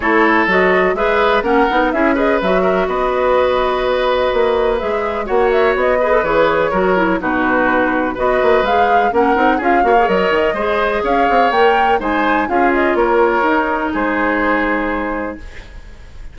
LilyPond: <<
  \new Staff \with { instrumentName = "flute" } { \time 4/4 \tempo 4 = 125 cis''4 dis''4 e''4 fis''4 | e''8 dis''8 e''4 dis''2~ | dis''2 e''4 fis''8 e''8 | dis''4 cis''2 b'4~ |
b'4 dis''4 f''4 fis''4 | f''4 dis''2 f''4 | g''4 gis''4 f''8 dis''8 cis''4~ | cis''4 c''2. | }
  \new Staff \with { instrumentName = "oboe" } { \time 4/4 a'2 b'4 ais'4 | gis'8 b'4 ais'8 b'2~ | b'2. cis''4~ | cis''8 b'4. ais'4 fis'4~ |
fis'4 b'2 ais'4 | gis'8 cis''4. c''4 cis''4~ | cis''4 c''4 gis'4 ais'4~ | ais'4 gis'2. | }
  \new Staff \with { instrumentName = "clarinet" } { \time 4/4 e'4 fis'4 gis'4 cis'8 dis'8 | e'8 gis'8 fis'2.~ | fis'2 gis'4 fis'4~ | fis'8 gis'16 a'16 gis'4 fis'8 e'8 dis'4~ |
dis'4 fis'4 gis'4 cis'8 dis'8 | f'8 fis'16 gis'16 ais'4 gis'2 | ais'4 dis'4 f'2 | dis'1 | }
  \new Staff \with { instrumentName = "bassoon" } { \time 4/4 a4 fis4 gis4 ais8 b8 | cis'4 fis4 b2~ | b4 ais4 gis4 ais4 | b4 e4 fis4 b,4~ |
b,4 b8 ais8 gis4 ais8 c'8 | cis'8 ais8 fis8 dis8 gis4 cis'8 c'8 | ais4 gis4 cis'4 ais4 | dis'4 gis2. | }
>>